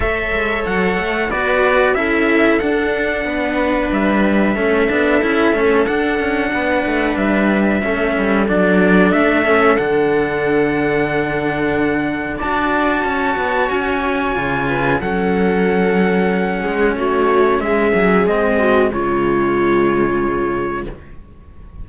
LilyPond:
<<
  \new Staff \with { instrumentName = "trumpet" } { \time 4/4 \tempo 4 = 92 e''4 fis''4 d''4 e''4 | fis''2 e''2~ | e''4 fis''2 e''4~ | e''4 d''4 e''4 fis''4~ |
fis''2. a''4~ | a''4 gis''2 fis''4~ | fis''2 cis''4 e''4 | dis''4 cis''2. | }
  \new Staff \with { instrumentName = "viola" } { \time 4/4 cis''2 b'4 a'4~ | a'4 b'2 a'4~ | a'2 b'2 | a'1~ |
a'2. d''4 | cis''2~ cis''8 b'8 a'4~ | a'4. gis'8 fis'4 gis'4~ | gis'8 fis'8 f'2. | }
  \new Staff \with { instrumentName = "cello" } { \time 4/4 a'2 fis'4 e'4 | d'2. cis'8 d'8 | e'8 cis'8 d'2. | cis'4 d'4. cis'8 d'4~ |
d'2. fis'4~ | fis'2 f'4 cis'4~ | cis'1 | c'4 gis2. | }
  \new Staff \with { instrumentName = "cello" } { \time 4/4 a8 gis8 fis8 a8 b4 cis'4 | d'4 b4 g4 a8 b8 | cis'8 a8 d'8 cis'8 b8 a8 g4 | a8 g8 fis4 a4 d4~ |
d2. d'4 | cis'8 b8 cis'4 cis4 fis4~ | fis4. gis8 a4 gis8 fis8 | gis4 cis2. | }
>>